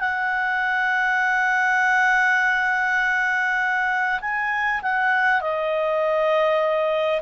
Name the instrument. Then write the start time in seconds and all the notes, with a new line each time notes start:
clarinet
0.00 F#5
4.21 G#5
4.82 F#5
5.41 D#5